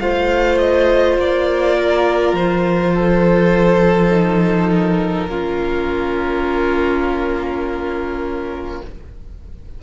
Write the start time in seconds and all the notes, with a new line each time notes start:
0.00 A3 F4 C5 F5
0.59 D#5
1.18 A#3 D5
1.77 A#4
2.33 F3 C5
2.94 A4
4.11 D#4
4.71 A#4
5.28 A#3 C#4 F4